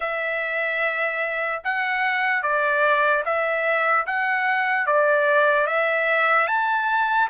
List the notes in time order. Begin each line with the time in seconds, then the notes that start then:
0.00 E5
1.64 F#5
2.42 D5
3.25 E5
4.06 F#5
4.86 D5
5.66 E5
6.47 A5